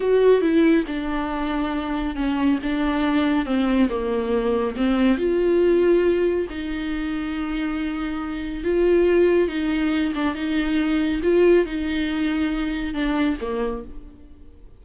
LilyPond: \new Staff \with { instrumentName = "viola" } { \time 4/4 \tempo 4 = 139 fis'4 e'4 d'2~ | d'4 cis'4 d'2 | c'4 ais2 c'4 | f'2. dis'4~ |
dis'1 | f'2 dis'4. d'8 | dis'2 f'4 dis'4~ | dis'2 d'4 ais4 | }